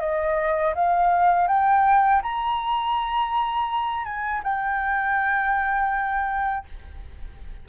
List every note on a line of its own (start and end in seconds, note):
0.00 0.74 D#5
0.75 1.48 F5
1.48 2.22 G5
2.22 4.05 A#5
4.05 4.42 G#5
4.43 6.66 G5